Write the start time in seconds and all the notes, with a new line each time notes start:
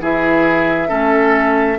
0.00 E3 E4 G#4 E5
0.88 A3 C#4 A4